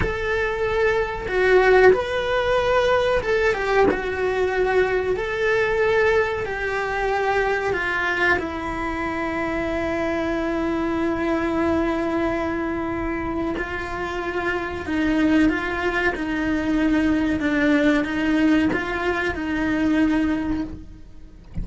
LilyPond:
\new Staff \with { instrumentName = "cello" } { \time 4/4 \tempo 4 = 93 a'2 fis'4 b'4~ | b'4 a'8 g'8 fis'2 | a'2 g'2 | f'4 e'2.~ |
e'1~ | e'4 f'2 dis'4 | f'4 dis'2 d'4 | dis'4 f'4 dis'2 | }